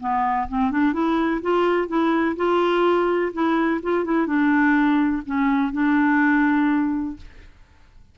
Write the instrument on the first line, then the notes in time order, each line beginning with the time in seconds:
clarinet
0.00 B3
0.49 C4
0.71 D4
0.93 E4
1.42 F4
1.88 E4
2.37 F4
3.33 E4
3.83 F4
4.05 E4
4.27 D4
5.26 C#4
5.73 D4